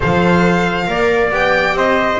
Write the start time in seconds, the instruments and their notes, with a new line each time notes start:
0.00 double bass F3, viola A4, trumpet C5, violin F5
0.86 double bass A#3, viola A#4, trumpet D5
1.31 double bass B3, viola G4, violin G5
1.73 double bass C4, trumpet C5, violin D#5